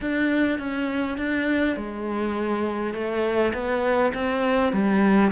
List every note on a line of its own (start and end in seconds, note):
0.00 0.58 D4
0.58 1.17 C#4
1.17 1.76 D4
1.76 2.94 G#3
2.94 3.53 A3
3.53 4.12 B3
4.14 4.72 C4
4.72 5.31 G3